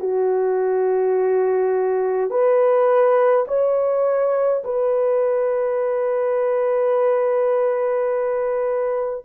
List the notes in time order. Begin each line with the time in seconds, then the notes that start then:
0.00 F#4
2.30 B4
3.47 C#5
4.64 B4